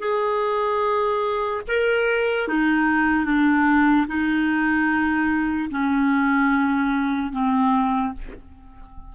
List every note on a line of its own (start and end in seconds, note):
0.00 1.62 G#4
1.68 2.48 A#4
2.48 3.25 D#4
3.25 4.07 D4
4.08 5.70 D#4
5.71 7.33 C#4
7.33 8.14 C4